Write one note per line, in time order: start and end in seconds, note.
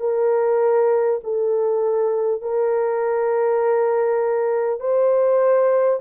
0.00 1.20 A#4
1.24 2.42 A4
2.42 4.81 A#4
4.81 6.01 C5